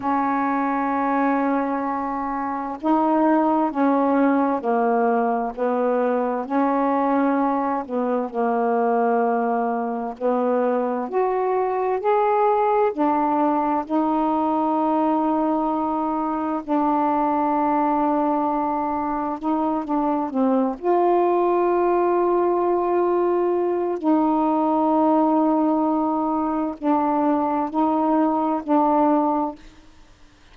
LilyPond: \new Staff \with { instrumentName = "saxophone" } { \time 4/4 \tempo 4 = 65 cis'2. dis'4 | cis'4 ais4 b4 cis'4~ | cis'8 b8 ais2 b4 | fis'4 gis'4 d'4 dis'4~ |
dis'2 d'2~ | d'4 dis'8 d'8 c'8 f'4.~ | f'2 dis'2~ | dis'4 d'4 dis'4 d'4 | }